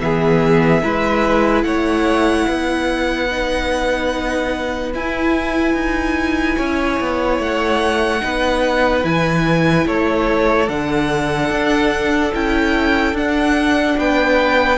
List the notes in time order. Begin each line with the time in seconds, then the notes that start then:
0.00 E3 B3 G#4 E5
0.83 G#3 E4 B4
1.63 A3 C#5 F#5
2.48 B3 B4
3.30 D#4
4.94 E4 G#5
5.74 D#4
6.58 C#4 C#5
7.00 B3
7.39 A3 F#5
8.21 B3 D#4 B4
9.03 E3 E4 G#5
9.86 A3 A4 C#5
10.69 D3 D4 F#5
11.50 D4
12.34 C#4 E4 G5
13.13 D4 F#5
13.98 B3 B4 G5